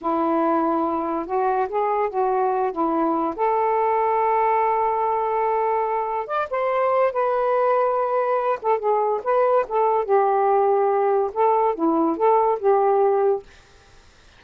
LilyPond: \new Staff \with { instrumentName = "saxophone" } { \time 4/4 \tempo 4 = 143 e'2. fis'4 | gis'4 fis'4. e'4. | a'1~ | a'2. d''8 c''8~ |
c''4 b'2.~ | b'8 a'8 gis'4 b'4 a'4 | g'2. a'4 | e'4 a'4 g'2 | }